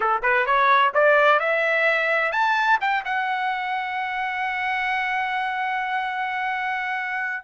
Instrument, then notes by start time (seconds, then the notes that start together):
trumpet
0.00 A4
0.22 B4
0.46 C#5
0.93 D5
1.39 E5
2.32 A5
2.80 G5
3.04 F#5